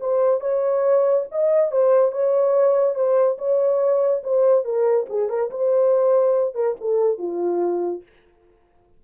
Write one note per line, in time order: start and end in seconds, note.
0.00 0.40 C5
0.40 1.25 C#5
1.31 1.71 D#5
1.71 2.11 C5
2.11 2.95 C#5
2.95 3.37 C5
3.38 4.22 C#5
4.23 4.64 C5
4.64 5.06 A#4
5.09 5.29 G#4
5.29 5.50 A#4
5.50 6.54 C5
6.54 6.75 A#4
6.80 7.18 A4
7.18 8.02 F4